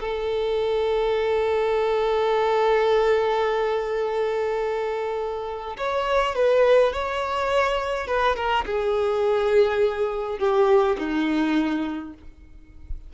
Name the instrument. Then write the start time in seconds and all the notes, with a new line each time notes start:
violin
0.00 A4
5.77 C#5
6.35 B4
6.93 C#5
8.07 B4
8.36 A#4
8.66 G#4
10.39 G4
10.98 D#4